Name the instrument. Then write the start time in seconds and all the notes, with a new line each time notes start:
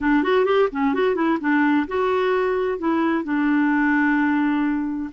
clarinet
0.00 D4
0.23 F#4
0.45 G4
0.71 C#4
0.93 F#4
1.15 E4
1.40 D4
1.87 F#4
2.78 E4
3.24 D4